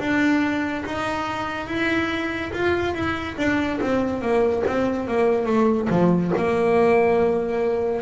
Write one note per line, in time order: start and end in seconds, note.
0.00 0.85 D4
0.86 1.67 D#4
1.67 2.52 E4
2.54 2.95 F4
2.95 3.37 E4
3.38 3.80 D4
3.81 4.22 C4
4.22 4.64 A#3
4.67 5.08 C4
5.08 5.47 A#3
5.47 5.89 A3
5.90 6.32 F3
6.38 8.03 A#3